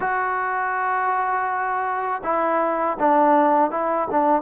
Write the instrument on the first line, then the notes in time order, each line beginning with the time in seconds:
trombone
0.00 F#4
2.23 E4
2.99 D4
3.70 E4
4.10 D4